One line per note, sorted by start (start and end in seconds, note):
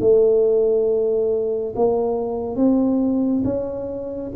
0.00 1.74 A3
1.75 2.56 A#3
2.56 3.43 C4
3.44 4.31 C#4